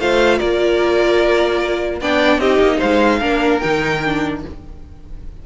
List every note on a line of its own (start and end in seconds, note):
0.00 0.40 A3
0.00 2.02 F4
0.00 0.38 C5
0.00 0.39 F5
0.38 2.01 A#3
0.38 1.99 A#4
0.38 2.00 D5
2.01 2.39 B3
2.01 2.42 D4
2.01 2.41 D5
2.01 2.40 G5
2.39 2.59 C4
2.39 3.21 D#4
2.39 2.78 G4
2.39 2.80 D#5
2.59 2.80 A#3
2.78 3.22 G#3
2.78 3.19 C5
2.78 3.60 F5
3.21 3.62 A#3
3.21 3.62 D4
3.21 4.42 A#4
3.60 4.45 D#3
3.60 4.02 D#4
3.60 4.40 G5
4.06 4.46 D4